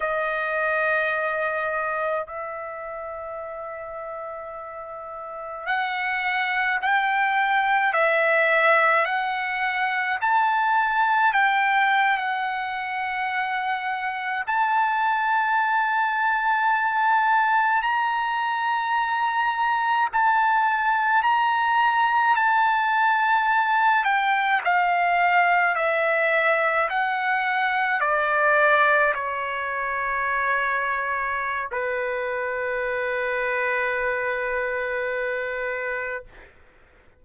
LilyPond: \new Staff \with { instrumentName = "trumpet" } { \time 4/4 \tempo 4 = 53 dis''2 e''2~ | e''4 fis''4 g''4 e''4 | fis''4 a''4 g''8. fis''4~ fis''16~ | fis''8. a''2. ais''16~ |
ais''4.~ ais''16 a''4 ais''4 a''16~ | a''4~ a''16 g''8 f''4 e''4 fis''16~ | fis''8. d''4 cis''2~ cis''16 | b'1 | }